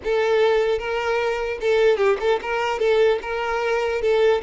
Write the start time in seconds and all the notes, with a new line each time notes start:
0.04 A4
0.78 A#4
1.60 A4
1.97 G4
2.20 A4
2.42 A#4
2.79 A4
3.21 A#4
4.01 A4